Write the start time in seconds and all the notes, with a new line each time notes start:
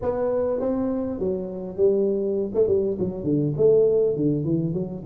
0.01 B3
0.60 C4
1.19 F#3
1.76 G3
2.54 A3
2.67 G3
2.99 F#3
3.23 D3
3.56 A3
4.16 D3
4.44 E3
4.73 F#3